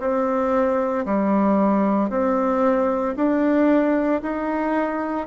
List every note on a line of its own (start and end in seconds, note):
0.00 1.05 C4
1.06 2.10 G3
2.10 3.15 C4
3.16 4.22 D4
4.22 5.27 D#4